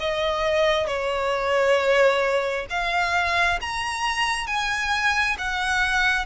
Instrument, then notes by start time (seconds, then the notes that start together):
violin
0.00 D#5
0.87 C#5
2.70 F5
3.61 A#5
4.47 G#5
5.38 F#5